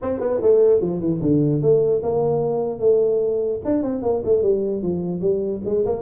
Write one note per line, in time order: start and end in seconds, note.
0.02 0.20 C4
0.20 0.40 B3
0.42 0.80 A3
0.80 1.00 F3
1.00 1.20 E3
1.21 1.61 D3
1.61 2.02 A3
2.02 2.79 A#3
2.79 3.60 A3
3.65 3.82 D4
3.82 4.02 C4
4.02 4.22 A#3
4.24 4.42 A3
4.42 4.82 G3
4.82 5.21 F3
5.21 5.61 G3
5.64 5.85 G#3
5.85 6.01 A#3